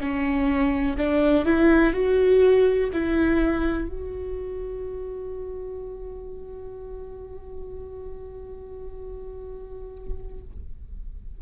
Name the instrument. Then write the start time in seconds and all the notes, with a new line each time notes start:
viola
0.00 C#4
0.97 D4
1.45 E4
1.93 F#4
2.93 E4
3.88 F#4